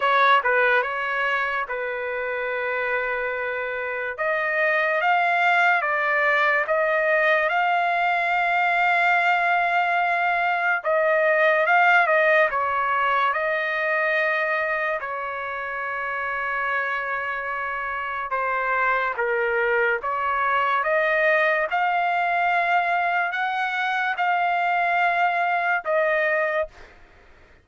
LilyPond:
\new Staff \with { instrumentName = "trumpet" } { \time 4/4 \tempo 4 = 72 cis''8 b'8 cis''4 b'2~ | b'4 dis''4 f''4 d''4 | dis''4 f''2.~ | f''4 dis''4 f''8 dis''8 cis''4 |
dis''2 cis''2~ | cis''2 c''4 ais'4 | cis''4 dis''4 f''2 | fis''4 f''2 dis''4 | }